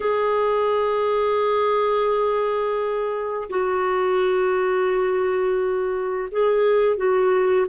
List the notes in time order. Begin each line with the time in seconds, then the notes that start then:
0.00 G#4
3.49 F#4
6.31 G#4
6.96 F#4